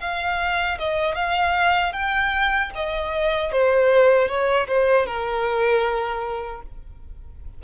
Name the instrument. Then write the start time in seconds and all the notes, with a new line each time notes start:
violin
0.00 F5
0.78 D#5
1.15 F5
1.92 G5
2.75 D#5
3.52 C5
4.28 C#5
4.67 C5
5.06 A#4